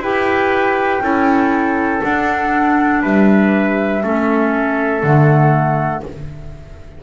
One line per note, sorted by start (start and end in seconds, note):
0.00 1.00 E4
0.00 1.03 G4
0.00 1.03 B4
0.00 2.03 G5
1.01 2.01 C#4
1.01 2.02 E4
1.01 3.03 A4
2.02 4.02 D4
2.02 3.04 D4
2.02 3.03 F#5
3.03 4.04 G3
3.03 4.03 B4
3.03 5.03 E5
4.03 5.04 A3
4.03 5.03 C#4
4.03 6.04 A4
5.03 6.04 D3
5.03 6.04 A3
5.03 6.03 F#5